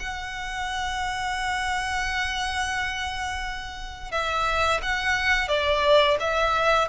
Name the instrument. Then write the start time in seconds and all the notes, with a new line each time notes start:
violin
0.00 F#5
4.12 E5
4.82 F#5
5.48 D5
6.20 E5